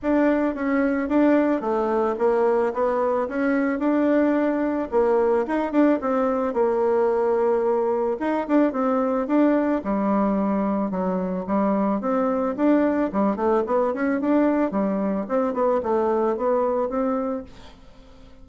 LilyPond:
\new Staff \with { instrumentName = "bassoon" } { \time 4/4 \tempo 4 = 110 d'4 cis'4 d'4 a4 | ais4 b4 cis'4 d'4~ | d'4 ais4 dis'8 d'8 c'4 | ais2. dis'8 d'8 |
c'4 d'4 g2 | fis4 g4 c'4 d'4 | g8 a8 b8 cis'8 d'4 g4 | c'8 b8 a4 b4 c'4 | }